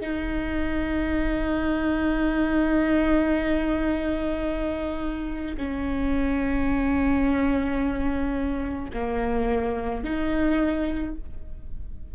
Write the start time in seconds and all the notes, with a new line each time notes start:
0.00 D#4
5.57 C#4
8.93 A#3
10.04 D#4